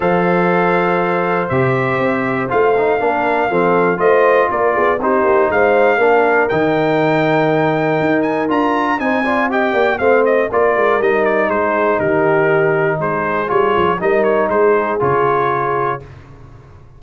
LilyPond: <<
  \new Staff \with { instrumentName = "trumpet" } { \time 4/4 \tempo 4 = 120 f''2. e''4~ | e''4 f''2. | dis''4 d''4 c''4 f''4~ | f''4 g''2.~ |
g''8 gis''8 ais''4 gis''4 g''4 | f''8 dis''8 d''4 dis''8 d''8 c''4 | ais'2 c''4 cis''4 | dis''8 cis''8 c''4 cis''2 | }
  \new Staff \with { instrumentName = "horn" } { \time 4/4 c''1~ | c''2 ais'4 a'4 | c''4 ais'8 gis'8 g'4 c''4 | ais'1~ |
ais'2 c''8 d''8 dis''8 d''8 | c''4 ais'2 gis'4 | g'2 gis'2 | ais'4 gis'2. | }
  \new Staff \with { instrumentName = "trombone" } { \time 4/4 a'2. g'4~ | g'4 f'8 dis'8 d'4 c'4 | f'2 dis'2 | d'4 dis'2.~ |
dis'4 f'4 dis'8 f'8 g'4 | c'4 f'4 dis'2~ | dis'2. f'4 | dis'2 f'2 | }
  \new Staff \with { instrumentName = "tuba" } { \time 4/4 f2. c4 | c'4 a4 ais4 f4 | a4 ais8 b8 c'8 ais8 gis4 | ais4 dis2. |
dis'4 d'4 c'4. ais8 | a4 ais8 gis8 g4 gis4 | dis2 gis4 g8 f8 | g4 gis4 cis2 | }
>>